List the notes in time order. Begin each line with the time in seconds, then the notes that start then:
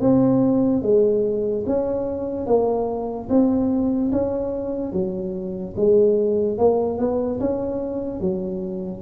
0.00 C4
0.82 G#3
1.67 C#4
2.47 A#3
3.30 C4
4.12 C#4
4.93 F#3
5.77 G#3
6.58 A#3
6.99 B3
7.40 C#4
8.21 F#3